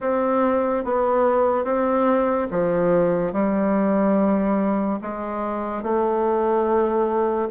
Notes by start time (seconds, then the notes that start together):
0.00 C4
0.84 B3
1.64 C4
2.50 F3
3.33 G3
5.01 G#3
5.82 A3